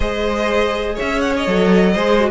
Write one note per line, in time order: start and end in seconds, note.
0.00 0.97 G#3
0.00 1.46 G#4
0.00 0.95 C5
0.00 0.97 D#5
0.95 1.46 C#4
0.95 1.92 C#5
0.95 1.20 E5
1.20 1.32 F#5
1.36 2.30 D#5
1.46 1.95 F#3
1.46 1.95 A4
1.93 2.30 G#3
1.93 2.20 G#4
1.93 2.29 C5
2.20 2.30 F#4